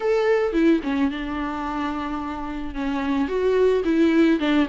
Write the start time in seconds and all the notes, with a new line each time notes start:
0.00 A4
0.52 E4
0.83 C#4
1.10 D4
2.74 C#4
3.28 F#4
3.84 E4
4.39 D4